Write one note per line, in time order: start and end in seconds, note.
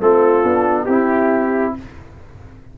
0.00 0.43 A3
0.00 0.43 C4
0.00 0.85 F4
0.00 0.85 A4
0.43 0.87 B3
0.43 0.87 D4
0.85 1.75 C4
0.85 1.73 E4
0.85 1.78 E4
0.85 1.73 G4